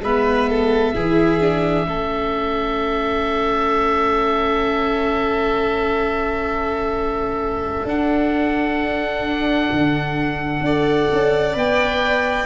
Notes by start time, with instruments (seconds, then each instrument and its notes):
0.00 tuba G#3, viola B3, violin B4, oboe E5
0.49 violin A4
0.94 tuba E3, viola E4, violin G#4
1.41 viola D4
1.87 tuba A3, viola C#4, violin A4
7.84 tuba D4, viola D4, oboe F#5
9.72 tuba D3
10.60 tuba D4, viola A4, violin D5
11.12 tuba C#4
11.54 tuba B3, viola B4, oboe G5